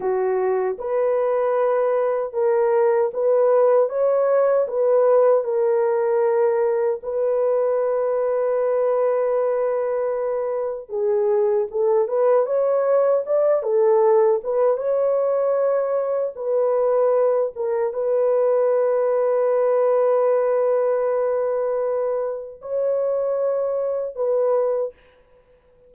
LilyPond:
\new Staff \with { instrumentName = "horn" } { \time 4/4 \tempo 4 = 77 fis'4 b'2 ais'4 | b'4 cis''4 b'4 ais'4~ | ais'4 b'2.~ | b'2 gis'4 a'8 b'8 |
cis''4 d''8 a'4 b'8 cis''4~ | cis''4 b'4. ais'8 b'4~ | b'1~ | b'4 cis''2 b'4 | }